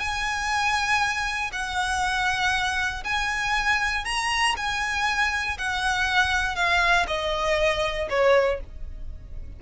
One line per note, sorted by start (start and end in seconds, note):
0.00 1.51 G#5
1.53 3.04 F#5
3.05 4.05 G#5
4.05 4.56 A#5
4.57 5.58 G#5
5.59 6.56 F#5
6.56 7.06 F5
7.08 8.09 D#5
8.10 8.60 C#5